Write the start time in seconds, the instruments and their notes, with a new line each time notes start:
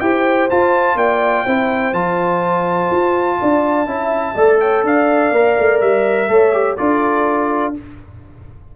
0.00 tuba E4, trombone G4, horn C5, trumpet G5
0.50 trombone F4, tuba F4, trumpet A5
0.95 tuba A#3, horn D5, trumpet G5
1.44 tuba C4, trombone E4, horn C5
1.92 tuba F3, trombone F4, trumpet A5
2.91 tuba F4
3.40 tuba D4, horn D5
3.86 tuba C#4, trombone E4, horn E5
4.35 tuba A3, trombone A4, horn D5
4.60 horn C#5, trumpet G5
4.83 tuba D4, horn D5, trumpet F5
5.31 tuba A#3, trombone A#4
5.59 tuba A3
5.80 tuba G3, trumpet E5
6.28 tuba A3, trombone A4, horn C#5
6.53 trombone G4
6.77 tuba D4, trombone F4, horn A4, trumpet D5